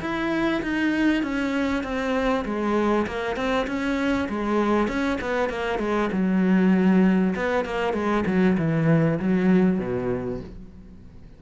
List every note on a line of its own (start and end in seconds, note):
0.00 0.61 E4
0.62 1.23 D#4
1.23 1.83 C#4
1.83 2.44 C4
2.45 3.06 G#3
3.07 3.36 A#3
3.36 3.67 C4
3.67 4.28 C#4
4.29 4.88 G#3
4.88 5.18 C#4
5.21 5.49 B3
5.49 5.79 A#3
5.79 6.09 G#3
6.12 7.34 F#3
7.35 7.65 B3
7.65 7.93 A#3
7.93 8.24 G#3
8.26 8.57 F#3
8.57 9.19 E3
9.19 9.78 F#3
9.78 10.40 B2